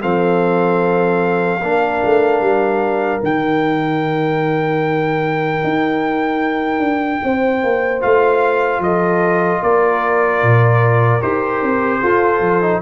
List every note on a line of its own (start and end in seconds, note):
0.00 1.62 F3
0.00 1.60 C4
0.00 1.61 A4
0.00 3.22 F5
1.62 2.02 A#3
1.62 3.21 D4
1.62 7.22 A#4
2.04 2.41 A3
2.41 3.21 G3
3.21 5.63 D#3
3.21 8.00 D#4
3.21 8.02 G5
5.63 6.79 D#4
6.79 7.19 D4
7.23 7.63 C4
7.23 8.84 C5
7.63 8.03 A#3
8.00 8.79 A3
8.00 11.20 F4
8.00 8.82 F5
8.79 9.59 F3
8.79 9.62 A4
8.79 9.63 D#5
9.62 10.43 A#3
9.62 12.01 A#4
9.62 11.21 D5
10.43 11.23 A#2
11.21 11.62 D#4
11.21 12.02 G4
11.21 12.81 C5
11.62 12.02 C4
12.01 12.62 F4
12.01 12.40 F4
12.01 12.81 A4
12.40 12.80 F3
12.62 12.82 D#4